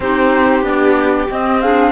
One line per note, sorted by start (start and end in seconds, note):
0.00 0.61 C4
0.00 0.62 D#4
0.00 1.62 G4
0.00 0.63 C5
0.61 1.26 B3
0.61 1.27 D4
0.61 1.28 D5
1.29 1.61 C4
1.29 1.92 C4
1.29 1.61 D#5
1.61 1.92 D4
1.61 1.92 G#4
1.61 1.92 F5